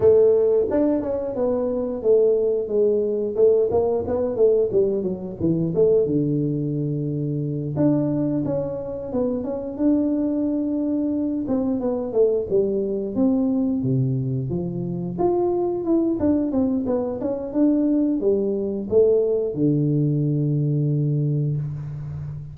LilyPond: \new Staff \with { instrumentName = "tuba" } { \time 4/4 \tempo 4 = 89 a4 d'8 cis'8 b4 a4 | gis4 a8 ais8 b8 a8 g8 fis8 | e8 a8 d2~ d8 d'8~ | d'8 cis'4 b8 cis'8 d'4.~ |
d'4 c'8 b8 a8 g4 c'8~ | c'8 c4 f4 f'4 e'8 | d'8 c'8 b8 cis'8 d'4 g4 | a4 d2. | }